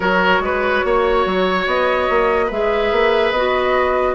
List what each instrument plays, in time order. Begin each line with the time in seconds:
0.00 bassoon F#3, clarinet F#4, oboe A#4, flute C#5
0.40 bassoon G#3, oboe B4
0.84 bassoon A#3, oboe C#5
1.25 bassoon F#3
1.66 bassoon B3, flute D#5
2.09 bassoon A#3
2.46 bassoon G#3, clarinet G#4, oboe B4, flute E5
2.91 bassoon A#3
3.31 bassoon B3, clarinet F#4, flute D#5